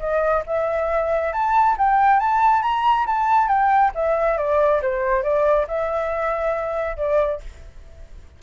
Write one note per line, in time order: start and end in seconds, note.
0.00 0.43 D#5
0.47 1.33 E5
1.33 1.77 A5
1.78 2.20 G5
2.20 2.63 A5
2.63 3.06 A#5
3.07 3.48 A5
3.48 3.92 G5
3.95 4.38 E5
4.38 4.81 D5
4.82 5.23 C5
5.23 5.67 D5
5.68 6.97 E5
6.97 7.41 D5